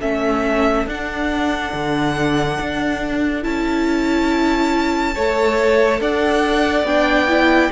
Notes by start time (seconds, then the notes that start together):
0.00 A3 C#4 A4 E5
0.86 D4 F#5
1.73 D3
2.59 D4
3.42 C#4 E4 A5
5.15 A3 A4 C#5
6.00 D4 D5 F#5
6.84 B3 D4 G5
7.28 E4